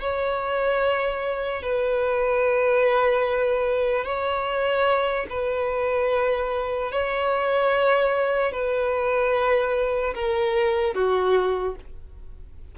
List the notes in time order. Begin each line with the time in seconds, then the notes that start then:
0.00 C#5
1.62 B4
4.05 C#5
5.29 B4
6.91 C#5
8.52 B4
10.14 A#4
10.94 F#4